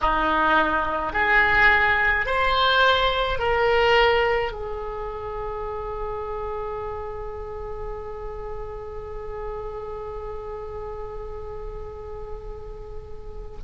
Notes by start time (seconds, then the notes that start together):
0.01 D#4
1.13 G#4
2.25 C5
3.39 A#4
4.52 G#4